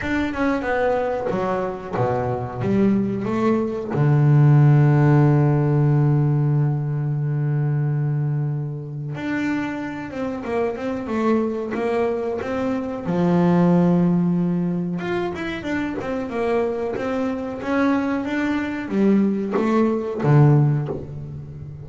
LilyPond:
\new Staff \with { instrumentName = "double bass" } { \time 4/4 \tempo 4 = 92 d'8 cis'8 b4 fis4 b,4 | g4 a4 d2~ | d1~ | d2 d'4. c'8 |
ais8 c'8 a4 ais4 c'4 | f2. f'8 e'8 | d'8 c'8 ais4 c'4 cis'4 | d'4 g4 a4 d4 | }